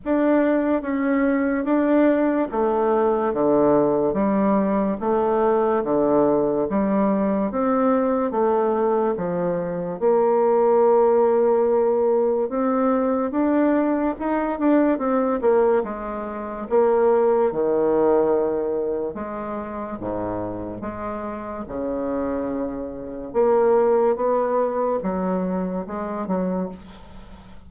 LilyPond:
\new Staff \with { instrumentName = "bassoon" } { \time 4/4 \tempo 4 = 72 d'4 cis'4 d'4 a4 | d4 g4 a4 d4 | g4 c'4 a4 f4 | ais2. c'4 |
d'4 dis'8 d'8 c'8 ais8 gis4 | ais4 dis2 gis4 | gis,4 gis4 cis2 | ais4 b4 fis4 gis8 fis8 | }